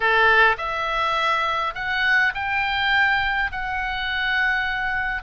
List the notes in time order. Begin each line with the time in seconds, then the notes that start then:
0.00 A4
0.57 E5
1.74 F#5
2.34 G5
3.51 F#5